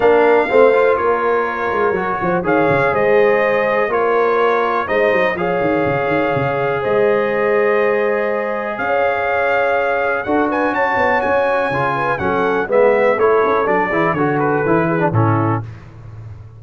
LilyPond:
<<
  \new Staff \with { instrumentName = "trumpet" } { \time 4/4 \tempo 4 = 123 f''2 cis''2~ | cis''4 f''4 dis''2 | cis''2 dis''4 f''4~ | f''2 dis''2~ |
dis''2 f''2~ | f''4 fis''8 gis''8 a''4 gis''4~ | gis''4 fis''4 e''4 cis''4 | d''4 cis''8 b'4. a'4 | }
  \new Staff \with { instrumentName = "horn" } { \time 4/4 ais'4 c''4 ais'2~ | ais'8 c''8 cis''4 c''2 | ais'2 c''4 cis''4~ | cis''2 c''2~ |
c''2 cis''2~ | cis''4 a'8 b'8 cis''2~ | cis''8 b'8 a'4 b'4 a'4~ | a'8 gis'8 a'4. gis'8 e'4 | }
  \new Staff \with { instrumentName = "trombone" } { \time 4/4 d'4 c'8 f'2~ f'8 | fis'4 gis'2. | f'2 dis'4 gis'4~ | gis'1~ |
gis'1~ | gis'4 fis'2. | f'4 cis'4 b4 e'4 | d'8 e'8 fis'4 e'8. d'16 cis'4 | }
  \new Staff \with { instrumentName = "tuba" } { \time 4/4 ais4 a4 ais4. gis8 | fis8 f8 dis8 cis8 gis2 | ais2 gis8 fis8 f8 dis8 | cis8 dis8 cis4 gis2~ |
gis2 cis'2~ | cis'4 d'4 cis'8 b8 cis'4 | cis4 fis4 gis4 a8 cis'8 | fis8 e8 d4 e4 a,4 | }
>>